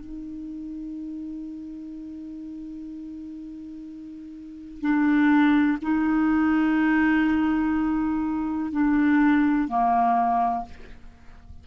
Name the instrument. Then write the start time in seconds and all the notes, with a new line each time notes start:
clarinet
0.00 D#4
4.81 D4
5.82 D#4
8.72 D4
9.69 A#3